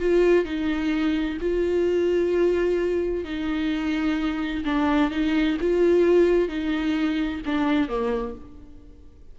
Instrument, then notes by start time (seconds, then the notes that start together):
viola
0.00 F4
0.45 D#4
1.41 F4
3.25 D#4
4.65 D4
5.11 D#4
5.61 F4
6.48 D#4
7.46 D4
7.89 A#3